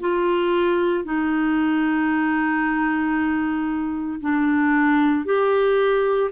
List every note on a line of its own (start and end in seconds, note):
0.00 1.04 F4
1.04 4.20 D#4
4.21 5.25 D4
5.25 6.31 G4